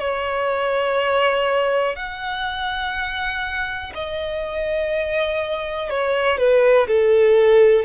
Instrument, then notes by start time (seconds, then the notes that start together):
violin
0.00 C#5
1.96 F#5
3.95 D#5
5.90 C#5
6.38 B4
6.87 A4